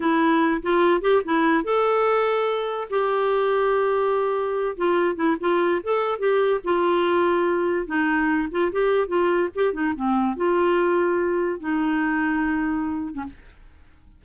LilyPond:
\new Staff \with { instrumentName = "clarinet" } { \time 4/4 \tempo 4 = 145 e'4. f'4 g'8 e'4 | a'2. g'4~ | g'2.~ g'8 f'8~ | f'8 e'8 f'4 a'4 g'4 |
f'2. dis'4~ | dis'8 f'8 g'4 f'4 g'8 dis'8 | c'4 f'2. | dis'2.~ dis'8. cis'16 | }